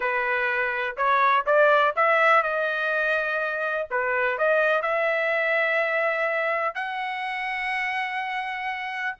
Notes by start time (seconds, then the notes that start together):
0.00 B4
0.96 C#5
1.46 D5
1.96 E5
2.42 D#5
3.90 B4
4.38 D#5
4.81 E5
6.75 F#5